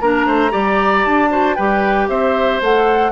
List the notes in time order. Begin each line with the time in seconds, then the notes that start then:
0.00 A#3 D4 A#4 A#5
0.26 A3 C5
0.50 G3 G4 D5
1.04 D4 A5
1.29 F#4 C5
1.55 G3 G4 B4 G5
2.08 C4 C5 E5
2.61 A3 A4 F#5